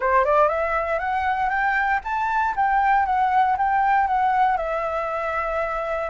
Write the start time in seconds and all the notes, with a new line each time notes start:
0.00 C5
0.24 D5
0.48 E5
0.99 F#5
1.49 G5
2.04 A5
2.56 G5
3.05 F#5
3.57 G5
4.07 F#5
4.57 E5